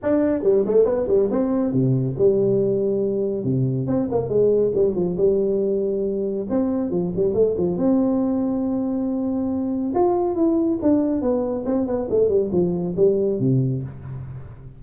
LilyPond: \new Staff \with { instrumentName = "tuba" } { \time 4/4 \tempo 4 = 139 d'4 g8 a8 b8 g8 c'4 | c4 g2. | c4 c'8 ais8 gis4 g8 f8 | g2. c'4 |
f8 g8 a8 f8 c'2~ | c'2. f'4 | e'4 d'4 b4 c'8 b8 | a8 g8 f4 g4 c4 | }